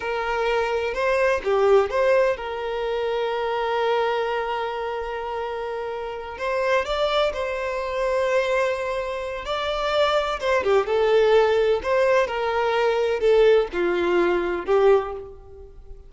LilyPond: \new Staff \with { instrumentName = "violin" } { \time 4/4 \tempo 4 = 127 ais'2 c''4 g'4 | c''4 ais'2.~ | ais'1~ | ais'4. c''4 d''4 c''8~ |
c''1 | d''2 c''8 g'8 a'4~ | a'4 c''4 ais'2 | a'4 f'2 g'4 | }